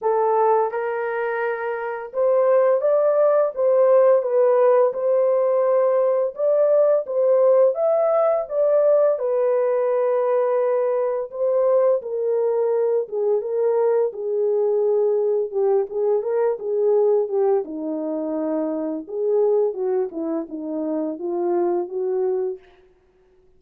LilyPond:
\new Staff \with { instrumentName = "horn" } { \time 4/4 \tempo 4 = 85 a'4 ais'2 c''4 | d''4 c''4 b'4 c''4~ | c''4 d''4 c''4 e''4 | d''4 b'2. |
c''4 ais'4. gis'8 ais'4 | gis'2 g'8 gis'8 ais'8 gis'8~ | gis'8 g'8 dis'2 gis'4 | fis'8 e'8 dis'4 f'4 fis'4 | }